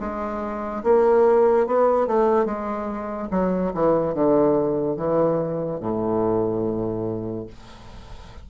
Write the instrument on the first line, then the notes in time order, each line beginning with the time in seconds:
bassoon
0.00 G#3
0.84 A#3
1.67 B3
2.07 A3
2.46 G#3
3.31 F#3
3.75 E3
4.15 D3
4.97 E3
5.80 A2